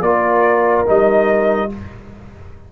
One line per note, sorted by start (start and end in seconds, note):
0.00 0.83 A#3
0.00 0.86 F4
0.00 1.70 A#4
0.00 0.85 D5
0.86 1.72 G3
0.86 1.69 D#4
0.86 1.72 D#5